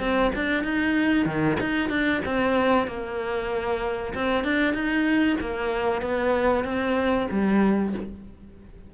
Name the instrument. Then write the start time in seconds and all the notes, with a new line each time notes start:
cello
0.00 C4
0.36 D4
0.64 D#4
1.26 D#3
1.60 D#4
1.90 D4
2.25 C4
2.87 A#3
4.15 C4
4.44 D4
4.74 D#4
5.41 A#3
6.02 B3
6.65 C4
7.31 G3